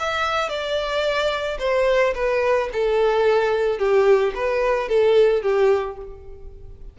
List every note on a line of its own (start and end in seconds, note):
0.00 0.49 E5
0.49 1.58 D5
1.59 2.14 C5
2.15 2.70 B4
2.73 3.79 A4
3.79 4.34 G4
4.35 4.89 B4
4.89 5.43 A4
5.43 5.98 G4